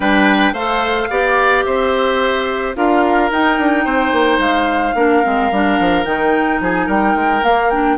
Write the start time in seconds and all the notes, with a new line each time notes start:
0.00 G3 D4 B4 G5
0.52 A3 A4 C5 F5
1.09 B3 G4 D5
1.64 C4 C5 E5
2.75 D4 F4 A#4 F5
3.31 D#4 G5
3.58 D4
3.85 C4 C5
4.12 A#3
4.38 G#3 F5
4.94 A#3 D4 A#4
5.23 G#3 C4
5.51 G3 D4
5.79 F3
6.04 D#3 D#4 G5
6.60 F3 G#4 G#5
6.86 G3 A#4 G5
7.15 G#3
7.43 A#3 F5
7.70 D4 G5